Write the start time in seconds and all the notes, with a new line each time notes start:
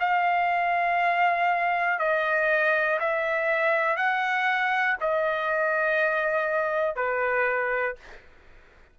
0.00 F5
1.99 D#5
3.00 E5
3.96 F#5
5.00 D#5
6.96 B4